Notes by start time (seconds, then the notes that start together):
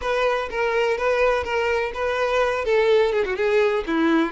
0.01 B4
0.50 A#4
0.97 B4
1.44 A#4
1.94 B4
2.64 A4
3.12 G#4
3.25 F#4
3.36 G#4
3.86 E4